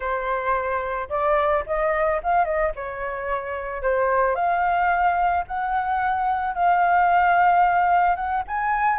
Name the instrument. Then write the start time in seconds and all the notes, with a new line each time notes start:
flute
0.00 C5
1.09 D5
1.66 D#5
2.23 F5
2.44 D#5
2.75 C#5
3.82 C5
4.35 F5
5.47 F#5
6.54 F5
8.15 F#5
8.47 G#5